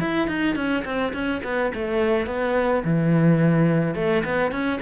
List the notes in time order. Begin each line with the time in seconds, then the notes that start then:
0.00 E4
0.28 D#4
0.55 C#4
0.85 C4
1.13 C#4
1.44 B3
1.74 A3
2.26 B3
2.85 E3
3.95 A3
4.25 B3
4.52 C#4